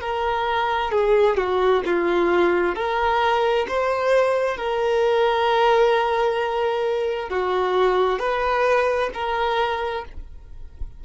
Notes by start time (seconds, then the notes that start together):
0.00 A#4
0.91 G#4
1.36 F#4
1.85 F4
2.75 A#4
3.68 C5
4.57 A#4
7.29 F#4
8.19 B4
9.14 A#4